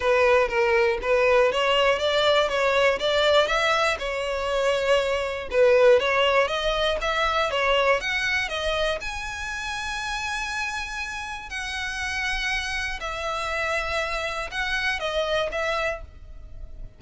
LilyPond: \new Staff \with { instrumentName = "violin" } { \time 4/4 \tempo 4 = 120 b'4 ais'4 b'4 cis''4 | d''4 cis''4 d''4 e''4 | cis''2. b'4 | cis''4 dis''4 e''4 cis''4 |
fis''4 dis''4 gis''2~ | gis''2. fis''4~ | fis''2 e''2~ | e''4 fis''4 dis''4 e''4 | }